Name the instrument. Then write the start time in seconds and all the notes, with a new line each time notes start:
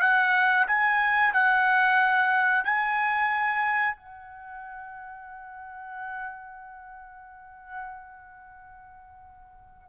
trumpet
0.00 F#5
0.67 G#5
1.33 F#5
2.64 G#5
3.96 F#5